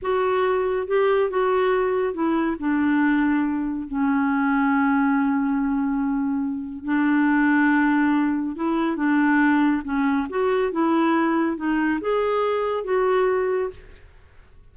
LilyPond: \new Staff \with { instrumentName = "clarinet" } { \time 4/4 \tempo 4 = 140 fis'2 g'4 fis'4~ | fis'4 e'4 d'2~ | d'4 cis'2.~ | cis'1 |
d'1 | e'4 d'2 cis'4 | fis'4 e'2 dis'4 | gis'2 fis'2 | }